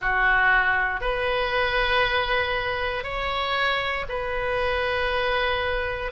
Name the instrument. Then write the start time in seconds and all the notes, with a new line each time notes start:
oboe
0.01 F#4
1.00 B4
3.03 C#5
4.09 B4